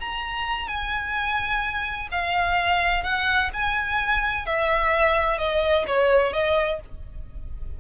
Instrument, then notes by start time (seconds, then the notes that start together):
violin
0.00 A#5
0.68 G#5
2.11 F5
3.03 F#5
3.53 G#5
4.46 E5
5.38 D#5
5.87 C#5
6.33 D#5